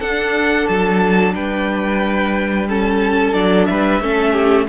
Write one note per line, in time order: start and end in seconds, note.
0.00 0.68 D4
0.00 2.69 D4
0.00 1.33 A4
0.00 0.67 F#5
0.67 1.35 F#3
0.67 1.34 A5
1.35 3.34 G3
1.35 2.68 B4
1.35 2.68 G5
2.69 3.34 C#4
2.69 3.69 A4
2.69 3.34 A5
3.34 3.67 F#3
3.34 4.01 D4
3.34 3.66 D5
3.66 4.01 G3
3.66 4.02 B4
3.66 4.66 E5
4.01 4.67 A3
4.01 4.69 C#4
4.01 4.33 A4
4.33 4.67 G4